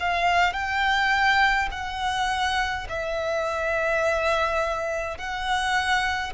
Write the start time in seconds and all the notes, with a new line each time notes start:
0.00 F5
0.53 G5
1.72 F#5
2.90 E5
5.18 F#5